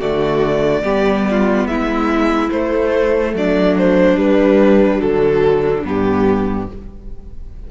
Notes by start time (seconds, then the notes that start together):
0.00 D3 A3 F#4 D5
0.83 G3 B3 G4
1.31 F4
1.66 G#3 E4 E5
2.51 A3 C5
3.33 F#3 D4 D5
3.78 C5
4.17 G3 B4
4.98 D3 F#3 A4
5.84 G2 B3 G4